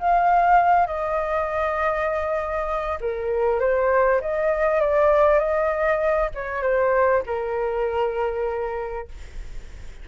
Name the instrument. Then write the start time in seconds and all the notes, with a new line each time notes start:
flute
0.00 F5
0.87 D#5
3.01 A#4
3.60 C5
4.21 D#5
4.81 D5
5.39 D#5
6.35 C#5
6.63 C5
7.27 A#4